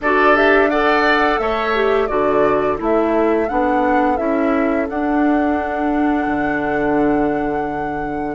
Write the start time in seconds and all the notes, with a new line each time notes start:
0.00 D4 F#4 A4 D5
0.34 G4 E5
0.70 A4 D5 F#5
1.39 A3 C#5 E5
1.74 G4
2.07 D3 F#4 A4 D5
2.77 A3 E4 E5
3.49 B3 D4 F#5
4.17 C#4 E4 E5
4.89 D4 F#5
6.26 D3